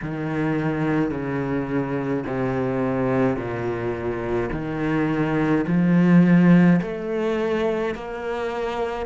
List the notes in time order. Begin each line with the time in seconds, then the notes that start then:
0.02 D#3
1.10 C#3
2.26 C3
3.36 A#2
4.51 D#3
5.67 F3
6.81 A3
7.95 A#3